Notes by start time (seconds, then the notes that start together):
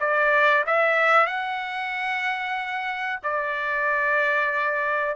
0.00 D5
0.67 E5
1.27 F#5
3.23 D5